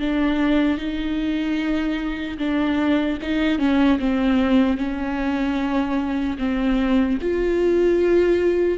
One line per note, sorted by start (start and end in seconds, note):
0.00 0.78 D4
0.78 2.38 D#4
2.38 3.18 D4
3.22 3.59 D#4
3.59 3.99 C#4
4.00 4.77 C4
4.77 6.37 C#4
6.39 7.19 C4
7.22 8.79 F4